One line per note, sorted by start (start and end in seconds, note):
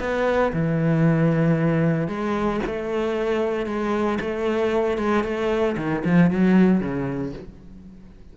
0.00 0.53 B3
0.53 2.08 E3
2.08 2.61 G#3
2.66 3.66 A3
3.66 4.19 G#3
4.21 4.98 A3
4.98 5.24 G#3
5.24 5.77 A3
5.78 6.04 D#3
6.05 6.31 F3
6.31 6.81 F#3
6.81 7.33 C#3